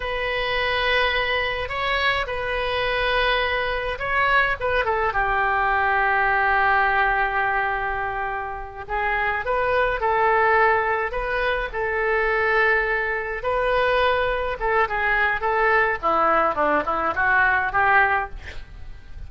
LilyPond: \new Staff \with { instrumentName = "oboe" } { \time 4/4 \tempo 4 = 105 b'2. cis''4 | b'2. cis''4 | b'8 a'8 g'2.~ | g'2.~ g'8 gis'8~ |
gis'8 b'4 a'2 b'8~ | b'8 a'2. b'8~ | b'4. a'8 gis'4 a'4 | e'4 d'8 e'8 fis'4 g'4 | }